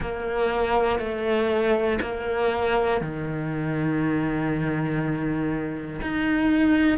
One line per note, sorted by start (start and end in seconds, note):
0.00 0.99 A#3
0.99 1.99 A3
2.01 3.00 A#3
3.00 6.00 D#3
6.01 6.97 D#4